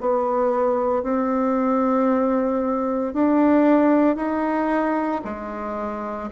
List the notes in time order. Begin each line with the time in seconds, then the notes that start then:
0.00 B3
1.02 C4
3.13 D4
4.16 D#4
5.24 G#3